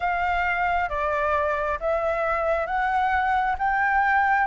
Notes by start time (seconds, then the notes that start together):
0.00 F5
0.89 D5
1.80 E5
2.66 F#5
3.58 G5